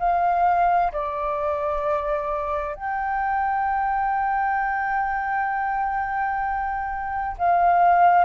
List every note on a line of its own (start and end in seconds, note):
0.00 0.92 F5
0.92 2.76 D5
2.76 7.37 G5
7.38 8.25 F5